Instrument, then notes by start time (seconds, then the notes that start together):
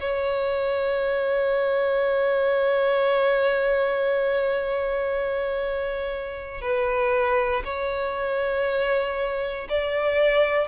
violin
0.00 C#5
6.61 B4
7.64 C#5
9.68 D5